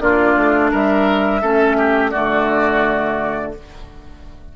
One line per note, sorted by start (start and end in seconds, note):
0.00 0.36 A#3
0.00 1.41 D4
0.00 0.71 F4
0.00 0.71 D5
0.37 0.72 A3
0.71 1.42 G3
0.71 1.41 A#4
0.71 2.10 E5
1.41 2.13 A3
1.41 2.13 C#4
1.41 1.77 A4
1.77 2.11 G4
2.10 3.56 D3
2.10 3.54 A3
2.10 3.52 F#4
2.10 3.52 D5